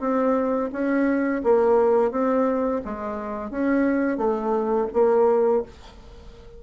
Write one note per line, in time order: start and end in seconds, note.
0.00 0.70 C4
0.72 1.42 C#4
1.44 2.12 A#3
2.12 2.81 C4
2.85 3.50 G#3
3.50 4.18 C#4
4.18 4.87 A3
4.93 5.63 A#3